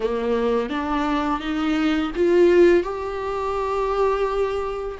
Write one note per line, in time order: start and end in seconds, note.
0.00 0.69 A#3
0.69 1.39 D4
1.39 2.11 D#4
2.15 2.83 F4
2.83 4.97 G4